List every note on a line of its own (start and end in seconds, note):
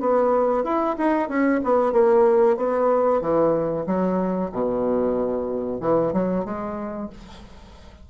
0.00 0.64 B3
0.64 0.96 E4
0.97 1.28 D#4
1.28 1.61 C#4
1.64 1.92 B3
1.92 2.57 A#3
2.57 3.21 B3
3.21 3.86 E3
3.86 4.51 F#3
4.52 5.80 B2
5.80 6.13 E3
6.13 6.45 F#3
6.45 7.09 G#3